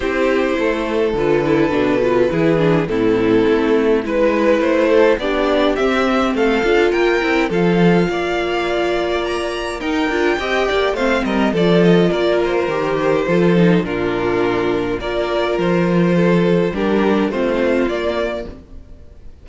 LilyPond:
<<
  \new Staff \with { instrumentName = "violin" } { \time 4/4 \tempo 4 = 104 c''2 b'2~ | b'4 a'2 b'4 | c''4 d''4 e''4 f''4 | g''4 f''2. |
ais''4 g''2 f''8 dis''8 | d''8 dis''8 d''8 c''2~ c''8 | ais'2 d''4 c''4~ | c''4 ais'4 c''4 d''4 | }
  \new Staff \with { instrumentName = "violin" } { \time 4/4 g'4 a'2. | gis'4 e'2 b'4~ | b'8 a'8 g'2 a'4 | ais'4 a'4 d''2~ |
d''4 ais'4 dis''8 d''8 c''8 ais'8 | a'4 ais'2 a'4 | f'2 ais'2 | a'4 g'4 f'2 | }
  \new Staff \with { instrumentName = "viola" } { \time 4/4 e'2 f'8 e'8 d'8 f'8 | e'8 d'8 c'2 e'4~ | e'4 d'4 c'4. f'8~ | f'8 e'8 f'2.~ |
f'4 dis'8 f'8 g'4 c'4 | f'2 g'4 f'8 dis'8 | d'2 f'2~ | f'4 d'4 c'4 ais4 | }
  \new Staff \with { instrumentName = "cello" } { \time 4/4 c'4 a4 d4 b,4 | e4 a,4 a4 gis4 | a4 b4 c'4 a8 d'8 | ais8 c'8 f4 ais2~ |
ais4 dis'8 d'8 c'8 ais8 a8 g8 | f4 ais4 dis4 f4 | ais,2 ais4 f4~ | f4 g4 a4 ais4 | }
>>